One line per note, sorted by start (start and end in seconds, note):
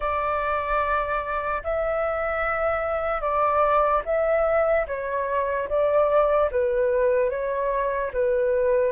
0.00 1.62 D5
1.63 3.21 E5
3.21 4.02 D5
4.05 4.86 E5
4.87 5.68 C#5
5.68 6.49 D5
6.51 7.30 B4
7.30 8.11 C#5
8.13 8.92 B4